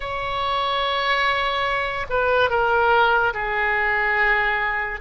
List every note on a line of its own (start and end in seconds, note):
0.00 2.06 C#5
2.09 2.50 B4
2.50 3.33 A#4
3.33 5.00 G#4